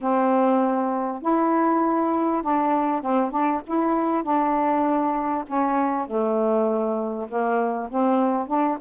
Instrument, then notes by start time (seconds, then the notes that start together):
saxophone
0.00 C4
1.22 E4
2.42 D4
3.01 C4
3.30 D4
3.66 E4
4.23 D4
5.47 C#4
6.07 A3
7.28 A#3
7.90 C4
8.47 D4